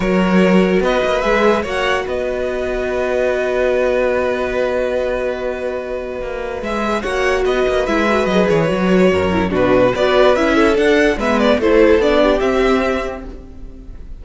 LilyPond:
<<
  \new Staff \with { instrumentName = "violin" } { \time 4/4 \tempo 4 = 145 cis''2 dis''4 e''4 | fis''4 dis''2.~ | dis''1~ | dis''1 |
e''4 fis''4 dis''4 e''4 | dis''8 cis''2~ cis''8 b'4 | d''4 e''4 fis''4 e''8 d''8 | c''4 d''4 e''2 | }
  \new Staff \with { instrumentName = "violin" } { \time 4/4 ais'2 b'2 | cis''4 b'2.~ | b'1~ | b'1~ |
b'4 cis''4 b'2~ | b'2 ais'4 fis'4 | b'4. a'4. b'4 | a'4. g'2~ g'8 | }
  \new Staff \with { instrumentName = "viola" } { \time 4/4 fis'2. gis'4 | fis'1~ | fis'1~ | fis'1 |
gis'4 fis'2 e'8 fis'8 | gis'4 fis'4. e'8 d'4 | fis'4 e'4 d'4 b4 | e'4 d'4 c'2 | }
  \new Staff \with { instrumentName = "cello" } { \time 4/4 fis2 b8 ais8 gis4 | ais4 b2.~ | b1~ | b2. ais4 |
gis4 ais4 b8 ais8 gis4 | fis8 e8 fis4 fis,4 b,4 | b4 cis'4 d'4 gis4 | a4 b4 c'2 | }
>>